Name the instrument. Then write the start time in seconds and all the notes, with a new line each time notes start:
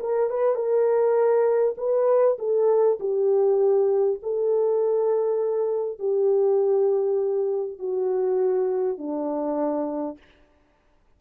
horn
0.00 A#4
0.30 B4
0.55 A#4
1.77 B4
2.38 A4
3.00 G4
4.22 A4
5.99 G4
7.79 F#4
8.98 D4